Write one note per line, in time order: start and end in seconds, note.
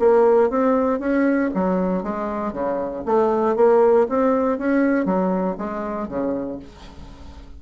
0.00 0.50 A#3
0.50 1.00 C4
1.00 1.51 C#4
1.55 2.03 F#3
2.03 2.53 G#3
2.53 3.04 C#3
3.06 3.56 A3
3.56 4.07 A#3
4.10 4.59 C4
4.59 5.06 C#4
5.06 5.57 F#3
5.58 6.09 G#3
6.09 6.60 C#3